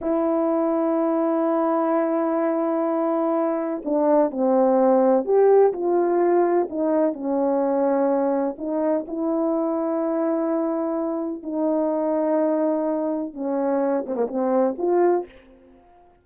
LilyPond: \new Staff \with { instrumentName = "horn" } { \time 4/4 \tempo 4 = 126 e'1~ | e'1 | d'4 c'2 g'4 | f'2 dis'4 cis'4~ |
cis'2 dis'4 e'4~ | e'1 | dis'1 | cis'4. c'16 ais16 c'4 f'4 | }